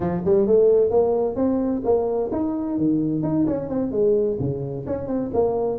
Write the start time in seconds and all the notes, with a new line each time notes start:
0.00 F3
0.25 G3
0.46 A3
0.90 A#3
1.35 C4
1.84 A#3
2.32 D#4
2.77 D#3
3.22 D#4
3.46 C#4
3.69 C4
3.91 G#3
4.39 C#3
4.86 C#4
5.07 C4
5.33 A#3